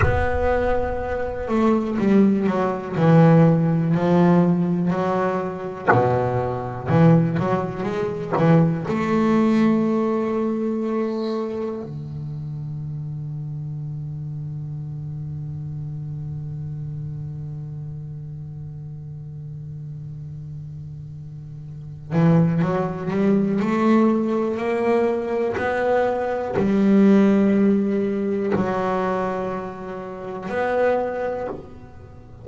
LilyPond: \new Staff \with { instrumentName = "double bass" } { \time 4/4 \tempo 4 = 61 b4. a8 g8 fis8 e4 | f4 fis4 b,4 e8 fis8 | gis8 e8 a2. | d1~ |
d1~ | d2~ d8 e8 fis8 g8 | a4 ais4 b4 g4~ | g4 fis2 b4 | }